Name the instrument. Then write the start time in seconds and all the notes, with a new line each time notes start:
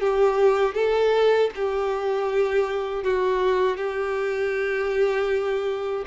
violin
0.00 G4
0.74 A4
1.55 G4
3.03 F#4
3.77 G4